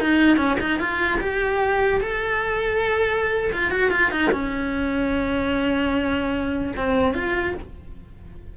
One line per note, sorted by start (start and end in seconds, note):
0.00 0.37 D#4
0.37 0.57 C#4
0.60 0.79 D#4
0.79 1.20 F4
1.20 2.00 G4
2.00 3.51 A4
3.53 3.71 F4
3.71 3.91 F#4
3.91 4.11 F4
4.11 4.31 D#4
4.31 6.73 C#4
6.77 7.14 C4
7.14 7.54 F4